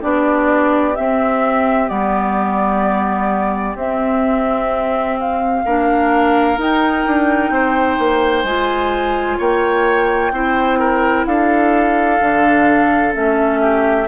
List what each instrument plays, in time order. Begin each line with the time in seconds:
0.00 bassoon B3, clarinet D4, oboe G4, flute D5
0.96 clarinet C4, bassoon C4, flute E5
1.88 bassoon G3, clarinet B3, flute D5
3.76 bassoon C4, clarinet C4, flute E5
5.20 flute F5
5.65 bassoon A#3, clarinet D4, oboe A#4
6.58 bassoon D#4, clarinet D#4, flute G5
7.07 bassoon D4
7.51 bassoon C4, oboe C5
7.99 bassoon A#3
8.44 bassoon G#3, clarinet F4, flute G#5
9.38 bassoon A#3, oboe C#5, flute G5
10.32 bassoon C4, clarinet E4, oboe C5
10.79 oboe A#4
11.26 bassoon D4, oboe A4, flute F5
12.21 bassoon D3, clarinet D4
13.13 bassoon A3, clarinet C#4, flute E5
13.61 oboe G4